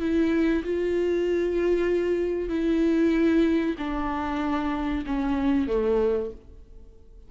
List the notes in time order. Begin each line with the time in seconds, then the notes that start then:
0.00 E4
0.64 F4
2.49 E4
3.79 D4
5.06 C#4
5.68 A3